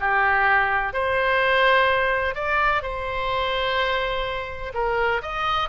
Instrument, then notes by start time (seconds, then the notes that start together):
oboe
0.00 G4
0.93 C5
2.35 D5
2.82 C5
4.74 A#4
5.22 D#5